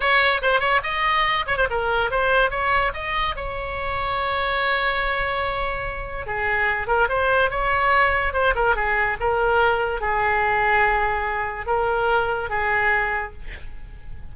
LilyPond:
\new Staff \with { instrumentName = "oboe" } { \time 4/4 \tempo 4 = 144 cis''4 c''8 cis''8 dis''4. cis''16 c''16 | ais'4 c''4 cis''4 dis''4 | cis''1~ | cis''2. gis'4~ |
gis'8 ais'8 c''4 cis''2 | c''8 ais'8 gis'4 ais'2 | gis'1 | ais'2 gis'2 | }